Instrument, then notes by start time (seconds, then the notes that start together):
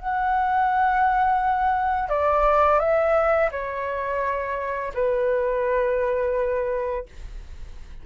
flute
0.00 F#5
2.10 D5
2.80 E5
3.52 C#5
4.95 B4